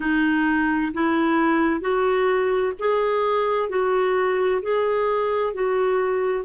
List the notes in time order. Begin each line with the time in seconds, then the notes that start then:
0.00 D#4
0.93 E4
1.80 F#4
2.79 G#4
3.69 F#4
4.62 G#4
5.53 F#4